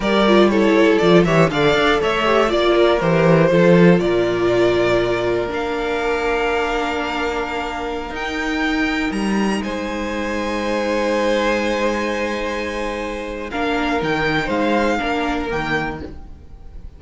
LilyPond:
<<
  \new Staff \with { instrumentName = "violin" } { \time 4/4 \tempo 4 = 120 d''4 cis''4 d''8 e''8 f''4 | e''4 d''4 c''2 | d''2. f''4~ | f''1~ |
f''16 g''2 ais''4 gis''8.~ | gis''1~ | gis''2. f''4 | g''4 f''2 g''4 | }
  \new Staff \with { instrumentName = "violin" } { \time 4/4 ais'4 a'4. cis''8 d''4 | cis''4 d''8 ais'4. a'4 | ais'1~ | ais'1~ |
ais'2.~ ais'16 c''8.~ | c''1~ | c''2. ais'4~ | ais'4 c''4 ais'2 | }
  \new Staff \with { instrumentName = "viola" } { \time 4/4 g'8 f'8 e'4 f'8 g'8 a'4~ | a'8 g'8 f'4 g'4 f'4~ | f'2. d'4~ | d'1~ |
d'16 dis'2.~ dis'8.~ | dis'1~ | dis'2. d'4 | dis'2 d'4 ais4 | }
  \new Staff \with { instrumentName = "cello" } { \time 4/4 g2 f8 e8 d8 d'8 | a4 ais4 e4 f4 | ais,2. ais4~ | ais1~ |
ais16 dis'2 g4 gis8.~ | gis1~ | gis2. ais4 | dis4 gis4 ais4 dis4 | }
>>